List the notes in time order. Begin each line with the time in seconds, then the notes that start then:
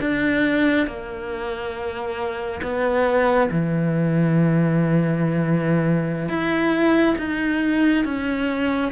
0.00 D4
0.87 A#3
2.62 B3
3.51 E3
6.28 E4
7.18 D#4
8.05 C#4